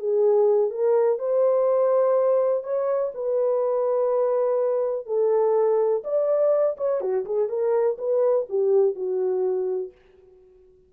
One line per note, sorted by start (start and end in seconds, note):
0.00 0.71 G#4
0.71 1.19 A#4
1.19 2.64 C5
2.64 3.13 C#5
3.15 5.07 B4
5.07 6.03 A4
6.04 6.77 D5
6.78 7.01 C#5
7.01 7.25 F#4
7.26 7.49 G#4
7.49 7.98 A#4
7.98 8.47 B4
8.50 8.96 G4
8.96 9.92 F#4